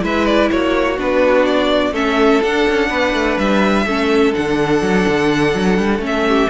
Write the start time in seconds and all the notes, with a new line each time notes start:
0.00 G#3 E4 B4 E5
0.25 D5
0.50 A#3 F#4 C#5
0.97 B3 D4 B4
1.45 D5
1.91 A3 C#4 A4 E5
2.42 D4 F#5
2.68 C#4
2.88 B3 B4
3.13 A3
3.38 G3 E5
3.85 A3 C#4 A4
4.33 D3 D4 F#5
4.81 F#3
5.08 D3
5.54 F#3
5.78 G3
5.99 A3 C#4
6.06 E5
6.28 G4